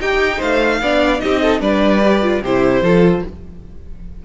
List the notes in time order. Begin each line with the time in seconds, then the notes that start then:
0.00 D#4 G4 G5
0.38 A3 C5 F5
0.81 B3 D4 D5
1.20 C4 D#4 G4 D#5
1.42 A4
1.60 G3 D4 B4 D5
2.04 G4
2.22 F4
2.42 C3 E4 G4 C5
2.82 F3 F4 A4